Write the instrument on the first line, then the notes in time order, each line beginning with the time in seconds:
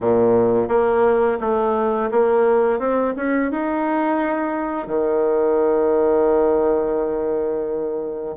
bassoon
0.00 A#2
0.68 A#3
1.40 A3
2.11 A#3
2.79 C4
3.16 C#4
3.51 D#4
4.87 D#3